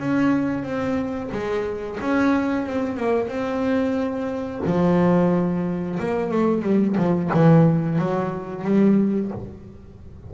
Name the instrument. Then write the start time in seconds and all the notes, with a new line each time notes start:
double bass
0.00 C#4
0.64 C4
1.32 G#3
2.01 C#4
2.67 C4
2.97 A#3
3.28 C4
4.66 F3
6.00 A#3
6.32 A3
6.63 G3
6.98 F3
7.34 E3
7.99 F#3
8.65 G3